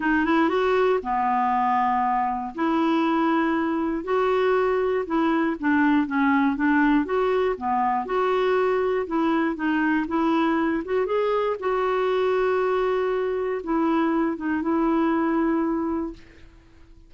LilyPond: \new Staff \with { instrumentName = "clarinet" } { \time 4/4 \tempo 4 = 119 dis'8 e'8 fis'4 b2~ | b4 e'2. | fis'2 e'4 d'4 | cis'4 d'4 fis'4 b4 |
fis'2 e'4 dis'4 | e'4. fis'8 gis'4 fis'4~ | fis'2. e'4~ | e'8 dis'8 e'2. | }